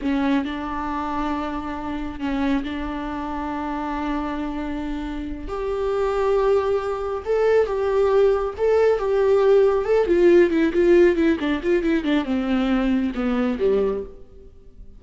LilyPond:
\new Staff \with { instrumentName = "viola" } { \time 4/4 \tempo 4 = 137 cis'4 d'2.~ | d'4 cis'4 d'2~ | d'1~ | d'8 g'2.~ g'8~ |
g'8 a'4 g'2 a'8~ | a'8 g'2 a'8 f'4 | e'8 f'4 e'8 d'8 f'8 e'8 d'8 | c'2 b4 g4 | }